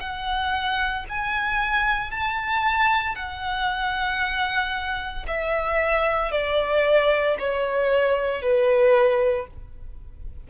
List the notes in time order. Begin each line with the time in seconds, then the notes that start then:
0.00 F#5
1.09 G#5
2.11 A5
3.15 F#5
5.27 E5
6.32 D5
7.39 C#5
8.42 B4